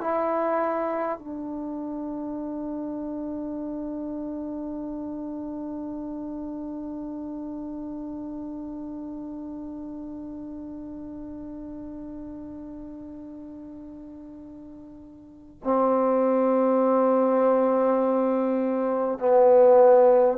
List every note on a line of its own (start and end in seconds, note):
0.00 1.18 E4
1.18 15.58 D4
15.63 19.18 C4
19.18 20.37 B3